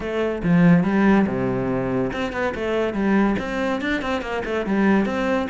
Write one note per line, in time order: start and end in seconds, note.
0.00 0.42 A3
0.43 0.83 F3
0.83 1.26 G3
1.27 2.11 C3
2.12 2.32 C4
2.32 2.53 B3
2.54 2.93 A3
2.93 3.36 G3
3.38 3.81 C4
3.81 4.01 D4
4.01 4.21 C4
4.21 4.42 A#3
4.44 4.66 A3
4.66 5.05 G3
5.05 5.47 C4